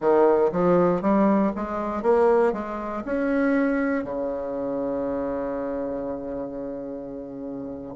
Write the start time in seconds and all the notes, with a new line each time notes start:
0.00 D#3
0.52 F3
1.01 G3
1.55 G#3
2.02 A#3
2.52 G#3
3.05 C#4
4.03 C#3